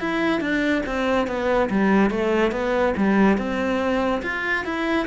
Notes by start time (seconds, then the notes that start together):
0.00 E4
0.40 D4
0.86 C4
1.27 B3
1.70 G3
2.10 A3
2.52 B3
2.97 G3
3.38 C4
4.23 F4
4.65 E4